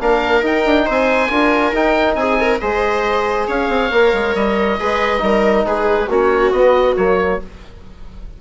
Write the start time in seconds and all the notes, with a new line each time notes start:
0.00 A#3 D4 A#4 F5
0.42 D#4 G5
0.66 D4
0.86 C4 C5 G#5
1.30 D4 F4 A#4
1.73 D#4 G5
2.15 C4 G#4 G#5
2.40 A#4
2.61 G#3 G#4 C5 D#5
3.48 C#4 C#5 F5
3.69 C4
3.91 A#3 A#4
4.13 G#3
4.35 G3 D#5
4.79 G#3 G#4 B4
5.19 G3 D#4 A#4
5.66 G#3 G#4 B4
6.09 A#3 C#4 F#4 C#5
6.52 B3 D#5
6.96 F#3 A#3 C#5